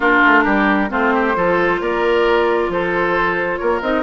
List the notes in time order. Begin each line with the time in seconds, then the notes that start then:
0.00 A#3 D4 F4 A#4
0.25 A3
0.44 G3 G4
0.89 A3 C4 F4 C5
1.13 G4
1.35 F3 F4 A4
1.80 A#3 A#4 D5
2.68 F3 A4 C5
3.57 A#3 A#4 C#5
3.81 C4 D#4 D#5